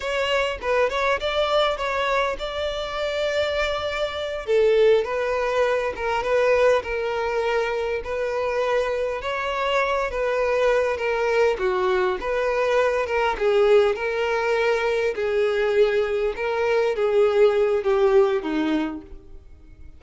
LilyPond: \new Staff \with { instrumentName = "violin" } { \time 4/4 \tempo 4 = 101 cis''4 b'8 cis''8 d''4 cis''4 | d''2.~ d''8 a'8~ | a'8 b'4. ais'8 b'4 ais'8~ | ais'4. b'2 cis''8~ |
cis''4 b'4. ais'4 fis'8~ | fis'8 b'4. ais'8 gis'4 ais'8~ | ais'4. gis'2 ais'8~ | ais'8 gis'4. g'4 dis'4 | }